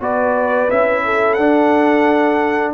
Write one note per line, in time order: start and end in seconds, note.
0.00 0.69 B3
0.00 0.69 F#4
0.00 1.04 B4
0.00 0.70 D5
0.70 1.37 C#4
0.70 1.39 E4
0.70 1.34 E5
1.05 2.74 A4
1.34 2.74 D4
1.34 2.72 F#5